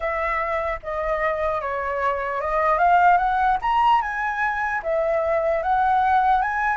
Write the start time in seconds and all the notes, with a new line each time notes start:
0.00 E5
0.82 D#5
1.61 C#5
2.40 D#5
2.78 F5
3.17 F#5
3.61 A#5
4.01 G#5
4.83 E5
5.63 F#5
6.41 G#5